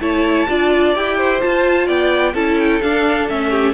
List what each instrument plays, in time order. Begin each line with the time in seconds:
0.00 cello A3, viola E4, violin C#5 A5
0.48 cello D4, viola F4, violin D5
0.95 cello E4, viola G4, violin G5
1.17 violin C5
1.39 viola F4, cello F4, violin A5
1.86 cello B3, violin D5 G5
2.33 cello C#4, viola E4, violin A4 A5
2.58 violin G5
2.81 cello D4, viola D4, violin F5
3.29 cello A3, viola C#4, violin E5
3.50 violin G4